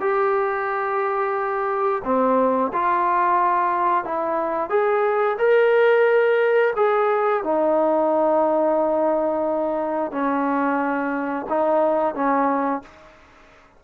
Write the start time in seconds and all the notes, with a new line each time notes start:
0.00 G4
2.04 C4
2.73 F4
4.04 E4
4.69 G#4
5.38 A#4
6.76 G#4
7.43 D#4
10.11 C#4
11.49 D#4
12.14 C#4